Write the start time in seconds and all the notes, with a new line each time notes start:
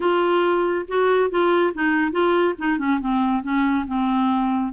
0.00 F4
0.88 F#4
1.30 F4
1.74 D#4
2.11 F4
2.58 D#4
2.78 C#4
3.00 C4
3.42 C#4
3.87 C4